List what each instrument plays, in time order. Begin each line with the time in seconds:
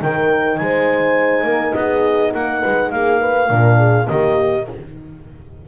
0.00 double bass D#3, horn D#4 A#4, clarinet G5
0.57 double bass G#3, horn C5, clarinet G#5
1.44 double bass A#3, horn A#4
1.74 double bass B3, horn G#4, clarinet D#5
2.33 double bass A#3, horn A#4, clarinet F#5
2.62 double bass G#3, horn B4
2.91 double bass A#3, horn G#4, clarinet F5
3.21 horn B4
3.49 double bass A#2, horn D4 A#4
3.78 horn G#4
4.05 double bass D#3, horn A#3 G4, clarinet D#5